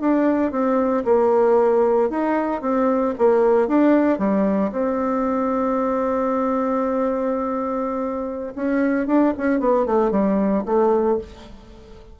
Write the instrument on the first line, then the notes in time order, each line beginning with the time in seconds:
bassoon
0.00 D4
0.51 C4
1.04 A#3
2.09 D#4
2.61 C4
3.18 A#3
3.67 D4
4.18 G3
4.72 C4
8.55 C#4
9.07 D4
9.37 C#4
9.59 B3
9.85 A3
10.11 G3
10.65 A3